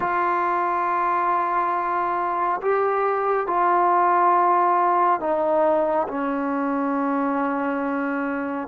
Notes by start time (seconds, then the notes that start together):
0.00 F4
2.61 G4
3.46 F4
5.20 D#4
6.08 C#4